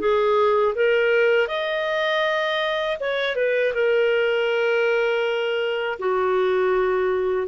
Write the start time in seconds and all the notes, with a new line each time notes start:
0.00 G#4
0.75 A#4
1.48 D#5
3.00 C#5
3.36 B4
3.74 A#4
5.99 F#4